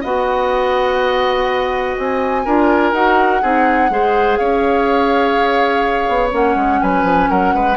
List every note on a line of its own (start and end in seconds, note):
0.00 1.97 B3
0.00 2.46 F#4
0.00 2.42 D#5
0.00 1.97 F#5
1.97 2.45 C4
1.97 2.92 G#5
2.45 2.92 D4
2.45 2.93 F4
2.45 3.41 A#4
2.92 3.40 D#4
2.92 3.41 F#4
2.92 4.36 F#5
3.41 3.89 C4
3.41 3.89 D#4
3.41 3.90 G#4
3.89 4.38 G#3
3.89 6.30 G#4
3.89 4.39 C5
4.36 6.08 C#4
4.36 6.81 C#5
4.36 6.30 F5
6.08 6.32 B3
6.30 6.55 A#3
6.30 7.75 C#4
6.30 6.82 F#5
6.55 6.79 G#3
6.82 7.03 F#3
6.82 7.29 B4
6.82 7.29 G#5
7.03 7.27 F3
7.29 7.54 F#3
7.29 7.54 A#4
7.29 7.77 F#5
7.54 7.77 G#3
7.54 7.77 B4